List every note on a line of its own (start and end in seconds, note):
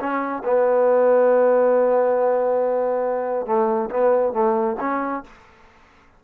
0.00 0.43 C#4
0.45 3.46 B3
3.46 3.90 A3
3.91 4.33 B3
4.33 4.77 A3
4.80 5.24 C#4